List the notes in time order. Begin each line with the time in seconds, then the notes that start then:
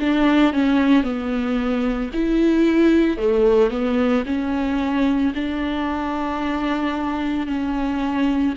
0.00 D4
0.53 C#4
1.03 B3
2.14 E4
3.18 A3
3.70 B3
4.26 C#4
5.35 D4
7.47 C#4